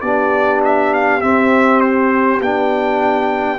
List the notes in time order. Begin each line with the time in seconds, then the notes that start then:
0.00 B3 D4 G4 D5
0.64 E5
0.93 F5
1.21 C4 E5
1.80 C5
2.40 B3 D4 G5